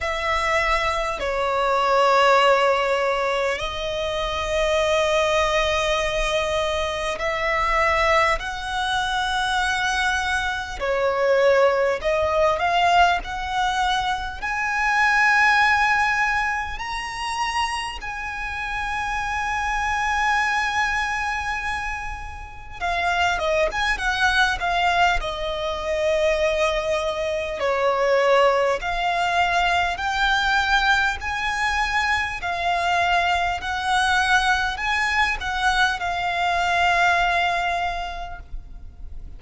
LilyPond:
\new Staff \with { instrumentName = "violin" } { \time 4/4 \tempo 4 = 50 e''4 cis''2 dis''4~ | dis''2 e''4 fis''4~ | fis''4 cis''4 dis''8 f''8 fis''4 | gis''2 ais''4 gis''4~ |
gis''2. f''8 dis''16 gis''16 | fis''8 f''8 dis''2 cis''4 | f''4 g''4 gis''4 f''4 | fis''4 gis''8 fis''8 f''2 | }